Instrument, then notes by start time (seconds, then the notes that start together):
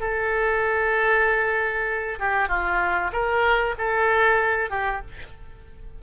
oboe
0.00 A4
2.19 G4
2.49 F4
3.12 A#4
3.78 A4
4.70 G4